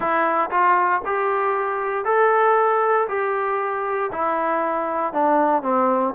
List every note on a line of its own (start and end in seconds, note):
0.00 0.49 E4
0.50 1.01 F4
1.05 2.04 G4
2.04 3.07 A4
3.08 4.10 G4
4.11 5.13 E4
5.13 5.62 D4
5.62 6.14 C4